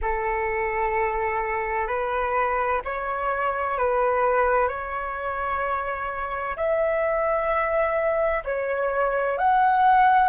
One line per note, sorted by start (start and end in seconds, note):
0.01 1.87 A4
1.87 2.81 B4
2.85 3.78 C#5
3.78 4.68 B4
4.68 6.56 C#5
6.56 8.43 E5
8.44 9.37 C#5
9.37 10.29 F#5